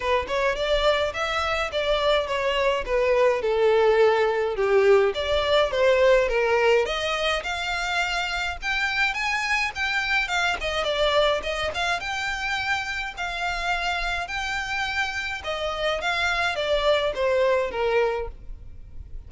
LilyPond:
\new Staff \with { instrumentName = "violin" } { \time 4/4 \tempo 4 = 105 b'8 cis''8 d''4 e''4 d''4 | cis''4 b'4 a'2 | g'4 d''4 c''4 ais'4 | dis''4 f''2 g''4 |
gis''4 g''4 f''8 dis''8 d''4 | dis''8 f''8 g''2 f''4~ | f''4 g''2 dis''4 | f''4 d''4 c''4 ais'4 | }